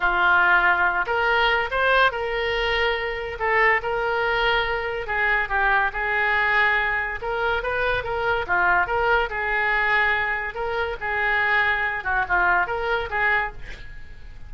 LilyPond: \new Staff \with { instrumentName = "oboe" } { \time 4/4 \tempo 4 = 142 f'2~ f'8 ais'4. | c''4 ais'2. | a'4 ais'2. | gis'4 g'4 gis'2~ |
gis'4 ais'4 b'4 ais'4 | f'4 ais'4 gis'2~ | gis'4 ais'4 gis'2~ | gis'8 fis'8 f'4 ais'4 gis'4 | }